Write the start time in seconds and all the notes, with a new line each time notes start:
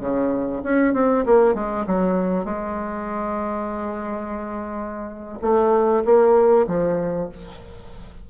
0.00 C#3
0.64 C#4
0.94 C4
1.26 A#3
1.55 G#3
1.86 F#3
2.45 G#3
5.42 A3
6.05 A#3
6.67 F3